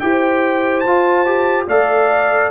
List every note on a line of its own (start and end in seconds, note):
0.00 0.86 E4
0.00 0.85 G4
0.00 1.68 C5
0.00 0.80 G5
0.80 1.68 F4
0.80 1.63 A5
0.87 1.26 F4
1.26 1.68 G4
1.68 2.51 A3
1.68 2.51 A4
1.68 2.51 D5
1.68 2.51 F5